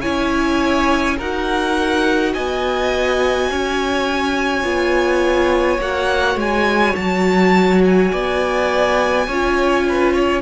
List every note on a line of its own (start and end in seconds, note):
0.00 1.19 C#4
0.00 1.18 E4
0.00 1.15 C#5
0.00 1.16 G#5
1.17 2.34 D#4
1.17 4.63 F#4
1.17 2.32 A#4
1.17 2.34 F#5
2.34 3.49 B3
2.34 3.49 D#5
2.34 5.80 G#5
3.49 4.64 C#4
3.49 8.11 C#5
4.63 5.78 B3
4.63 5.78 F4
5.78 6.35 A#3
5.78 9.27 F#4
5.78 6.39 F#5
6.35 6.93 G#3
6.35 6.95 G#5
6.95 8.12 F#3
6.95 7.81 A5
7.84 10.42 G#5
8.11 9.27 B3
8.11 9.26 D5
9.27 10.42 C#4
9.27 10.42 F4
9.27 9.84 C#5
9.88 10.13 B4
10.13 10.42 C#5